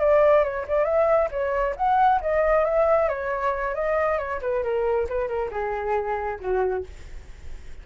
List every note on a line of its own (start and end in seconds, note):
0.00 0.44 D5
0.44 0.66 C#5
0.68 0.85 D5
0.85 1.29 E5
1.31 1.75 C#5
1.77 2.21 F#5
2.21 2.65 D#5
2.65 3.09 E5
3.09 3.75 C#5
3.75 4.19 D#5
4.19 4.41 C#5
4.42 4.64 B4
4.64 5.08 A#4
5.09 5.28 B4
5.28 5.50 A#4
5.51 6.39 G#4
6.40 6.84 F#4